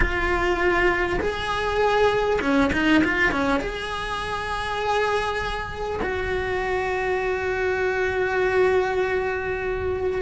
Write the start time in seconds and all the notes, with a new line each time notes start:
0.00 F4
1.20 G#4
2.41 C#4
2.72 D#4
3.04 F4
3.31 C#4
3.60 G#4
6.02 F#4